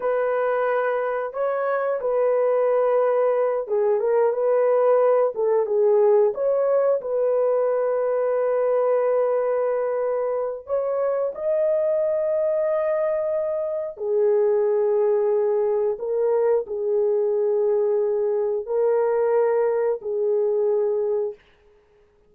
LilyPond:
\new Staff \with { instrumentName = "horn" } { \time 4/4 \tempo 4 = 90 b'2 cis''4 b'4~ | b'4. gis'8 ais'8 b'4. | a'8 gis'4 cis''4 b'4.~ | b'1 |
cis''4 dis''2.~ | dis''4 gis'2. | ais'4 gis'2. | ais'2 gis'2 | }